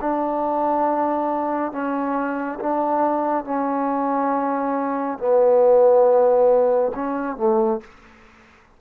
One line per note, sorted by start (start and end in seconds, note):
0.00 1.72 D4
1.72 2.58 C#4
2.59 3.44 D4
3.44 5.18 C#4
5.18 6.92 B3
6.94 7.36 C#4
7.36 7.80 A3